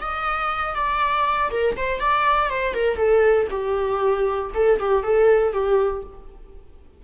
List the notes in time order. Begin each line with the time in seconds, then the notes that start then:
0.00 D#5
0.75 D5
1.51 A#4
1.76 C5
2.00 D5
2.49 C5
2.74 A#4
2.97 A4
3.50 G4
4.54 A4
4.79 G4
5.03 A4
5.53 G4